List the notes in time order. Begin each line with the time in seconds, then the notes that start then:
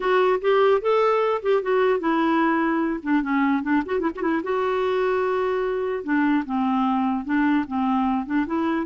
0.00 F#4
0.41 G4
0.81 A4
1.42 G4
1.62 F#4
1.99 E4
3.02 D4
3.22 C#4
3.62 D4
3.85 F#4
3.99 E4
4.15 F#4
4.21 E4
4.43 F#4
6.03 D4
6.45 C4
7.25 D4
7.67 C4
8.25 D4
8.46 E4